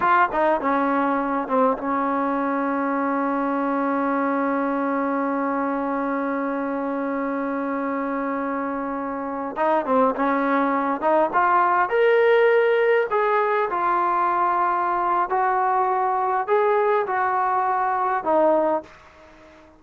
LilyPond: \new Staff \with { instrumentName = "trombone" } { \time 4/4 \tempo 4 = 102 f'8 dis'8 cis'4. c'8 cis'4~ | cis'1~ | cis'1~ | cis'1~ |
cis'16 dis'8 c'8 cis'4. dis'8 f'8.~ | f'16 ais'2 gis'4 f'8.~ | f'2 fis'2 | gis'4 fis'2 dis'4 | }